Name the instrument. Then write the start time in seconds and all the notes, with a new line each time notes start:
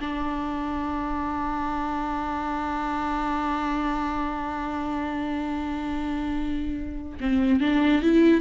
viola
0.00 D4
7.20 C4
7.61 D4
8.02 E4